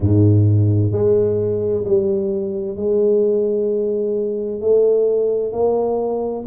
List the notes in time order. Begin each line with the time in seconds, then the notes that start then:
0.00 G#2
0.92 G#3
1.84 G3
2.76 G#3
4.60 A3
5.52 A#3